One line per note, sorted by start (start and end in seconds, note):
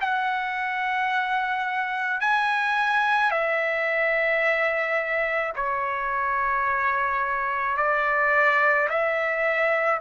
0.00 2.20 F#5
2.20 3.30 G#5
3.30 5.53 E5
5.56 7.77 C#5
7.77 8.88 D5
8.89 10.00 E5